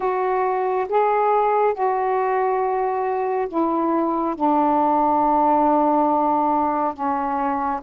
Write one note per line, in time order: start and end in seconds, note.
0.00 0.87 F#4
0.89 1.74 G#4
1.74 3.48 F#4
3.48 4.35 E4
4.35 6.93 D4
6.93 7.80 C#4